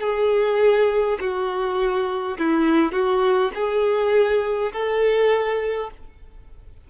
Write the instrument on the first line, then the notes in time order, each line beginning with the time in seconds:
violin
0.00 G#4
1.20 F#4
2.38 E4
2.92 F#4
3.55 G#4
4.72 A4